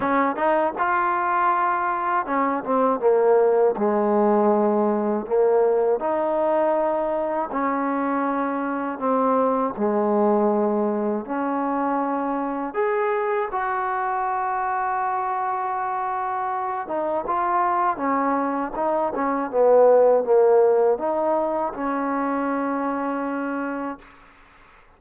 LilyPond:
\new Staff \with { instrumentName = "trombone" } { \time 4/4 \tempo 4 = 80 cis'8 dis'8 f'2 cis'8 c'8 | ais4 gis2 ais4 | dis'2 cis'2 | c'4 gis2 cis'4~ |
cis'4 gis'4 fis'2~ | fis'2~ fis'8 dis'8 f'4 | cis'4 dis'8 cis'8 b4 ais4 | dis'4 cis'2. | }